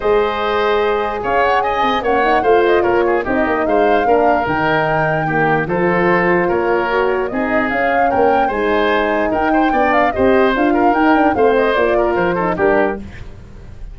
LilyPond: <<
  \new Staff \with { instrumentName = "flute" } { \time 4/4 \tempo 4 = 148 dis''2. f''8 fis''8 | gis''4 fis''4 f''8 dis''8 cis''4 | dis''4 f''2 g''4~ | g''2 c''2 |
cis''2 dis''4 f''4 | g''4 gis''2 g''4~ | g''8 f''8 dis''4 f''4 g''4 | f''8 dis''8 d''4 c''4 ais'4 | }
  \new Staff \with { instrumentName = "oboe" } { \time 4/4 c''2. cis''4 | dis''4 cis''4 c''4 ais'8 gis'8 | g'4 c''4 ais'2~ | ais'4 g'4 a'2 |
ais'2 gis'2 | ais'4 c''2 ais'8 c''8 | d''4 c''4. ais'4. | c''4. ais'4 a'8 g'4 | }
  \new Staff \with { instrumentName = "horn" } { \time 4/4 gis'1~ | gis'4 cis'8 dis'8 f'2 | dis'2 d'4 dis'4~ | dis'4 ais4 f'2~ |
f'4 fis'4 dis'4 cis'4~ | cis'4 dis'2. | d'4 g'4 f'4 dis'8 d'8 | c'4 f'4. dis'8 d'4 | }
  \new Staff \with { instrumentName = "tuba" } { \time 4/4 gis2. cis'4~ | cis'8 c'8 ais4 a4 ais4 | c'8 ais8 gis4 ais4 dis4~ | dis2 f2 |
ais2 c'4 cis'4 | ais4 gis2 dis'4 | b4 c'4 d'4 dis'4 | a4 ais4 f4 g4 | }
>>